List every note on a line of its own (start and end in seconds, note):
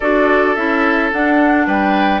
0.00 0.56 D4
0.00 0.56 F#4
0.00 1.66 A4
0.00 0.55 D5
0.55 1.12 C#4
0.55 1.12 E4
0.55 1.10 E5
1.12 1.66 D4
1.12 2.20 D4
1.12 1.67 F#5
1.66 2.20 G3
1.66 2.20 B4
1.66 2.20 G5